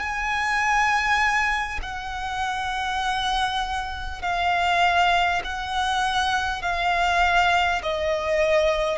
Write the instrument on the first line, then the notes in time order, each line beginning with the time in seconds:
violin
0.00 G#5
1.83 F#5
4.22 F5
5.44 F#5
6.62 F5
7.83 D#5